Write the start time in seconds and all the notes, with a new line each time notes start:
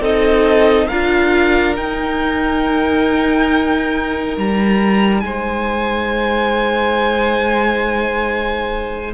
0.00 C4 D#4 A4 D#5
0.87 D4 F4 A#4 F5
1.74 D#4 G5
4.37 G3 A#5
5.20 G#3 C5 G#5